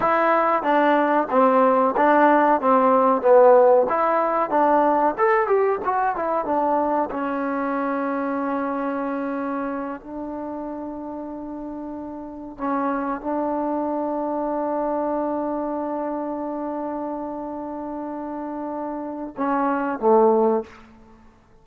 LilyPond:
\new Staff \with { instrumentName = "trombone" } { \time 4/4 \tempo 4 = 93 e'4 d'4 c'4 d'4 | c'4 b4 e'4 d'4 | a'8 g'8 fis'8 e'8 d'4 cis'4~ | cis'2.~ cis'8 d'8~ |
d'2.~ d'8 cis'8~ | cis'8 d'2.~ d'8~ | d'1~ | d'2 cis'4 a4 | }